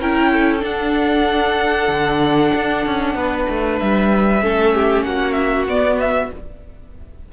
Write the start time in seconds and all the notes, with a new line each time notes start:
0.00 C#4 E4 A#4 G5
0.32 A4
0.60 D4 F#5
1.88 D3
2.56 D4
2.86 C#4
3.15 B3 B4
3.49 A3
3.79 G3 E5
4.42 A3 C#4 A4
4.74 G4
5.03 A#3 F#4 F#5
5.33 E5
5.67 B3 D5
6.00 E5